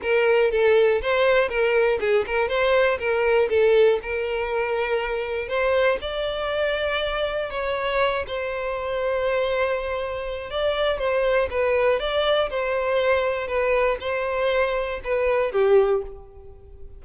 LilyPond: \new Staff \with { instrumentName = "violin" } { \time 4/4 \tempo 4 = 120 ais'4 a'4 c''4 ais'4 | gis'8 ais'8 c''4 ais'4 a'4 | ais'2. c''4 | d''2. cis''4~ |
cis''8 c''2.~ c''8~ | c''4 d''4 c''4 b'4 | d''4 c''2 b'4 | c''2 b'4 g'4 | }